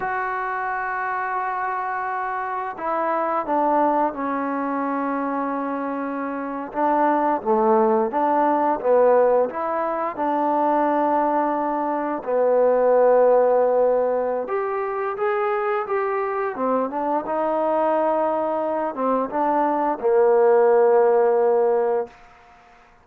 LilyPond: \new Staff \with { instrumentName = "trombone" } { \time 4/4 \tempo 4 = 87 fis'1 | e'4 d'4 cis'2~ | cis'4.~ cis'16 d'4 a4 d'16~ | d'8. b4 e'4 d'4~ d'16~ |
d'4.~ d'16 b2~ b16~ | b4 g'4 gis'4 g'4 | c'8 d'8 dis'2~ dis'8 c'8 | d'4 ais2. | }